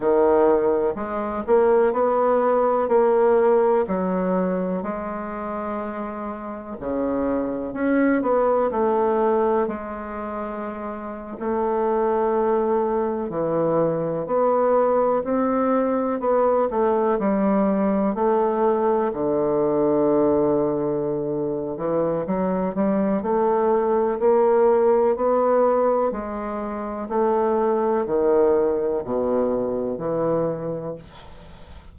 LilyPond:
\new Staff \with { instrumentName = "bassoon" } { \time 4/4 \tempo 4 = 62 dis4 gis8 ais8 b4 ais4 | fis4 gis2 cis4 | cis'8 b8 a4 gis4.~ gis16 a16~ | a4.~ a16 e4 b4 c'16~ |
c'8. b8 a8 g4 a4 d16~ | d2~ d8 e8 fis8 g8 | a4 ais4 b4 gis4 | a4 dis4 b,4 e4 | }